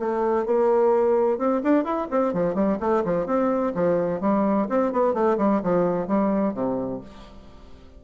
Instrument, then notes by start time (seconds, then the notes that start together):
bassoon
0.00 A3
0.46 A#3
1.38 C4
1.64 D4
1.85 E4
2.11 C4
2.34 F3
2.55 G3
2.80 A3
3.05 F3
3.27 C4
3.75 F3
4.21 G3
4.69 C4
4.93 B3
5.14 A3
5.38 G3
5.64 F3
6.08 G3
6.54 C3